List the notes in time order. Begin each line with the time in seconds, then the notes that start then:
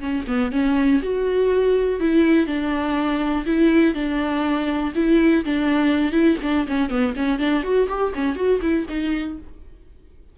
0.00 C#4
0.27 B3
0.52 C#4
1.03 F#4
2.00 E4
2.47 D4
3.46 E4
3.94 D4
4.95 E4
5.45 D4
6.12 E4
6.42 D4
6.68 C#4
6.90 B3
7.16 C#4
7.39 D4
7.63 F#4
7.89 G4
8.15 C#4
8.36 F#4
8.62 E4
8.89 D#4